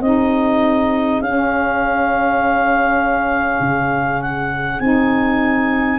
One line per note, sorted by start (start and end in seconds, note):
0.00 1.20 C4
0.00 1.23 D#4
0.00 5.99 G#4
0.00 1.22 D#5
1.21 3.60 C#4
1.21 4.81 C#4
1.21 4.22 F5
3.60 4.80 C#3
4.22 4.80 F#5
4.80 5.99 C4
4.80 5.99 D#4
4.80 5.99 G#5